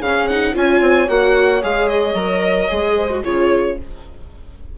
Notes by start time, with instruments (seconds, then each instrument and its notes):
0.00 bassoon C#3, viola C#4, horn G#4, violin F5
0.27 viola D#4, violin F#5
0.54 bassoon C#4, viola F4, horn C#5, violin G#5
0.81 bassoon C4
1.08 bassoon A#3, viola F#4, violin F#5
1.62 bassoon G#3, viola G#4, violin F5
1.89 violin D#5
2.14 bassoon F#3, viola A#4
2.69 bassoon G#3, viola G#4
2.96 horn C5
3.10 viola F#4
3.24 bassoon C#3, viola F4, horn G#4, violin C#5